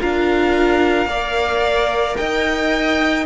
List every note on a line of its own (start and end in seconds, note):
0.00 1.06 D4
0.00 1.08 F4
0.00 1.08 A#4
0.00 2.17 F5
1.06 2.15 A#3
1.06 3.26 A#4
1.06 2.17 D5
2.17 3.26 D#4
2.17 3.26 D#5
2.17 3.26 G5